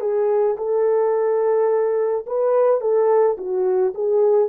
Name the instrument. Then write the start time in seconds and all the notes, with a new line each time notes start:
horn
0.00 G#4
0.57 A4
2.26 B4
2.80 A4
3.37 F#4
3.94 G#4